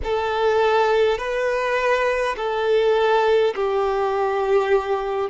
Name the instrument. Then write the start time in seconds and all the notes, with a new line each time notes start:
violin
0.03 A4
1.18 B4
2.36 A4
3.55 G4